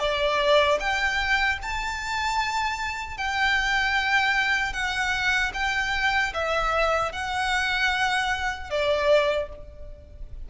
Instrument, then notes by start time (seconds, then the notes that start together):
violin
0.00 D5
0.80 G5
1.63 A5
3.18 G5
4.73 F#5
5.54 G5
6.34 E5
7.13 F#5
8.71 D5